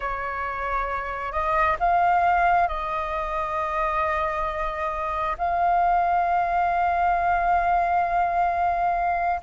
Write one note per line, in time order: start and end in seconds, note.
0.00 1.31 C#5
1.31 1.76 D#5
1.79 2.67 F5
2.67 5.36 D#5
5.37 9.40 F5